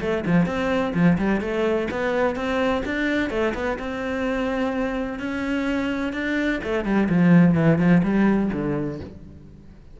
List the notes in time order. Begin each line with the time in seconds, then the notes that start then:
0.00 A3
0.26 F3
0.46 C4
0.94 F3
1.18 G3
1.40 A3
1.90 B3
2.35 C4
2.85 D4
3.30 A3
3.54 B3
3.78 C4
5.19 C#4
6.13 D4
6.63 A3
6.84 G3
7.09 F3
7.55 E3
7.78 F3
8.03 G3
8.53 D3